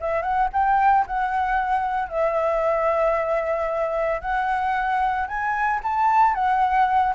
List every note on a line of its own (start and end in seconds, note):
0.00 0.22 E5
0.22 0.48 F#5
0.52 1.05 G5
1.06 2.09 F#5
2.09 4.21 E5
4.21 5.27 F#5
5.27 5.80 G#5
5.83 6.34 A5
6.34 7.14 F#5